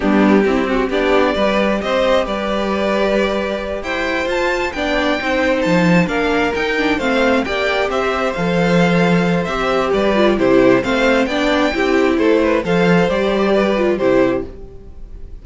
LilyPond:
<<
  \new Staff \with { instrumentName = "violin" } { \time 4/4 \tempo 4 = 133 g'2 d''2 | dis''4 d''2.~ | d''8 g''4 a''4 g''4.~ | g''8 a''4 f''4 g''4 f''8~ |
f''8 g''4 e''4 f''4.~ | f''4 e''4 d''4 c''4 | f''4 g''2 c''4 | f''4 d''2 c''4 | }
  \new Staff \with { instrumentName = "violin" } { \time 4/4 d'4 e'8 fis'8 g'4 b'4 | c''4 b'2.~ | b'8 c''2 d''4 c''8~ | c''4. ais'2 c''8~ |
c''8 d''4 c''2~ c''8~ | c''2 b'4 g'4 | c''4 d''4 g'4 a'8 b'8 | c''2 b'4 g'4 | }
  \new Staff \with { instrumentName = "viola" } { \time 4/4 b4 c'4 d'4 g'4~ | g'1~ | g'4. f'4 d'4 dis'8~ | dis'4. d'4 dis'8 d'8 c'8~ |
c'8 g'2 a'4.~ | a'4 g'4. f'8 e'4 | c'4 d'4 e'2 | a'4 g'4. f'8 e'4 | }
  \new Staff \with { instrumentName = "cello" } { \time 4/4 g4 c'4 b4 g4 | c'4 g2.~ | g8 e'4 f'4 b4 c'8~ | c'8 f4 ais4 dis'4 a8~ |
a8 ais4 c'4 f4.~ | f4 c'4 g4 c4 | a4 b4 c'4 a4 | f4 g2 c4 | }
>>